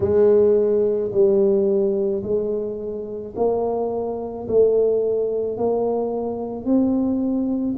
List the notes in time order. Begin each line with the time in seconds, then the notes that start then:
0.00 G#3
1.11 G3
2.23 G#3
3.36 A#3
4.47 A3
5.57 A#3
6.64 C4